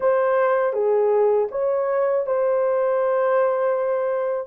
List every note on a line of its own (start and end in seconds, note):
0.00 0.73 C5
0.73 1.48 G#4
1.51 2.26 C#5
2.26 4.47 C5